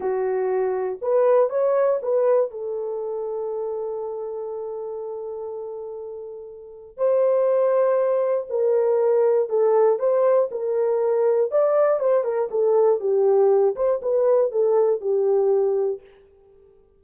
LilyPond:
\new Staff \with { instrumentName = "horn" } { \time 4/4 \tempo 4 = 120 fis'2 b'4 cis''4 | b'4 a'2.~ | a'1~ | a'2 c''2~ |
c''4 ais'2 a'4 | c''4 ais'2 d''4 | c''8 ais'8 a'4 g'4. c''8 | b'4 a'4 g'2 | }